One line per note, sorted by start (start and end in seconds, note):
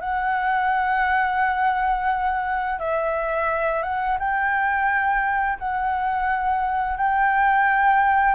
0.00 2.79 F#5
2.79 3.82 E5
3.82 4.17 F#5
4.19 5.58 G5
5.58 6.97 F#5
6.97 8.34 G5